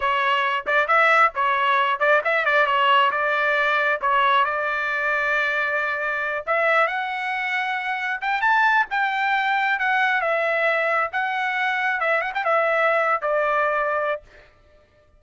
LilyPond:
\new Staff \with { instrumentName = "trumpet" } { \time 4/4 \tempo 4 = 135 cis''4. d''8 e''4 cis''4~ | cis''8 d''8 e''8 d''8 cis''4 d''4~ | d''4 cis''4 d''2~ | d''2~ d''8 e''4 fis''8~ |
fis''2~ fis''8 g''8 a''4 | g''2 fis''4 e''4~ | e''4 fis''2 e''8 fis''16 g''16 | e''4.~ e''16 d''2~ d''16 | }